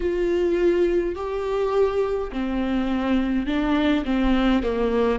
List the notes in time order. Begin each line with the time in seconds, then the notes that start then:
0.00 F4
1.15 G4
2.32 C4
3.46 D4
4.04 C4
4.62 A#3